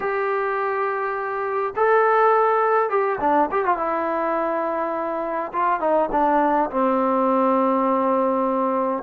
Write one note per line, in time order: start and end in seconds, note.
0.00 1.73 G4
1.76 2.89 A4
2.89 3.18 G4
3.20 3.49 D4
3.51 3.65 G4
3.65 3.77 F4
3.77 5.52 E4
5.52 5.80 F4
5.80 6.09 D#4
6.11 6.70 D4
6.70 9.03 C4